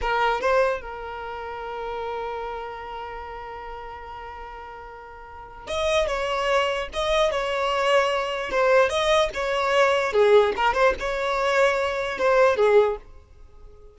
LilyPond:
\new Staff \with { instrumentName = "violin" } { \time 4/4 \tempo 4 = 148 ais'4 c''4 ais'2~ | ais'1~ | ais'1~ | ais'2 dis''4 cis''4~ |
cis''4 dis''4 cis''2~ | cis''4 c''4 dis''4 cis''4~ | cis''4 gis'4 ais'8 c''8 cis''4~ | cis''2 c''4 gis'4 | }